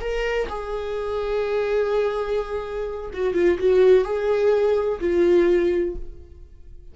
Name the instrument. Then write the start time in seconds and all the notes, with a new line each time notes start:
viola
0.00 A#4
0.48 G#4
3.13 F#4
3.34 F4
3.58 F#4
4.04 G#4
5.00 F4